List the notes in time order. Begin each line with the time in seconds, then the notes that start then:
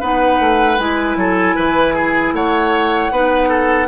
0.00 B3 D#4 B4 F#5
0.39 A3
0.78 G#3 E4 G#5
1.16 F#3 A4
1.55 E3 B4
1.94 G#4
2.32 A3 C#5 F#5
3.11 B3 D#4 B4
3.48 A4